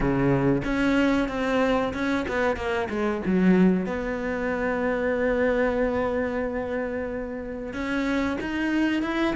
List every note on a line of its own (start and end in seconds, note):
0.00 0.61 C#3
0.64 1.28 C#4
1.28 1.93 C4
1.93 2.25 C#4
2.28 2.56 B3
2.56 2.88 A#3
2.89 3.21 G#3
3.25 3.86 F#3
3.86 7.73 B3
7.73 8.37 C#4
8.40 9.02 D#4
9.02 9.34 E4